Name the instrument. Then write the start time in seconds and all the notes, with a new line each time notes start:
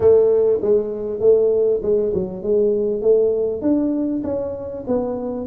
tuba
0.00 A3
0.61 G#3
1.20 A3
1.82 G#3
2.14 F#3
2.42 G#3
3.01 A3
3.61 D4
4.23 C#4
4.87 B3